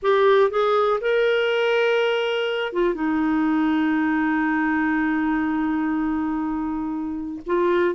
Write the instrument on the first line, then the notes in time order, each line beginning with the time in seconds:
clarinet
0.02 G4
0.50 G#4
1.01 A#4
2.72 F4
2.94 D#4
7.46 F4